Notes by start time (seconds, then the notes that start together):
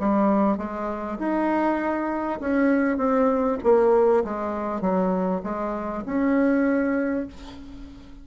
0.00 G3
0.58 G#3
1.19 D#4
2.40 C#4
2.98 C4
3.64 A#3
4.25 G#3
4.81 F#3
5.44 G#3
6.06 C#4